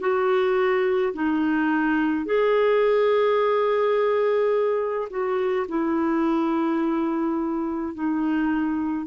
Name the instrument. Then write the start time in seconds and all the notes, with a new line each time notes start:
clarinet
0.00 F#4
1.14 D#4
2.26 G#4
5.10 F#4
5.69 E4
7.95 D#4